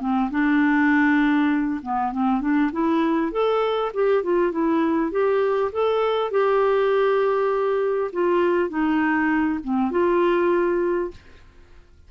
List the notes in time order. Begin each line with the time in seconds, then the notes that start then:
0.00 C4
0.31 D4
1.82 B3
2.12 C4
2.41 D4
2.72 E4
3.32 A4
3.94 G4
4.23 F4
4.52 E4
5.11 G4
5.72 A4
6.31 G4
8.12 F4
8.69 D#4
9.64 C4
9.91 F4